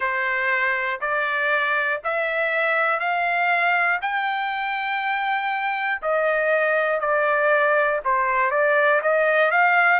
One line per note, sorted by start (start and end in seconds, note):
0.00 1.00 C5
1.00 2.00 D5
2.04 2.99 E5
2.99 3.99 F5
4.01 6.01 G5
6.02 7.00 D#5
7.00 8.00 D5
8.05 8.50 C5
8.50 9.00 D5
9.01 9.51 D#5
9.51 10.00 F5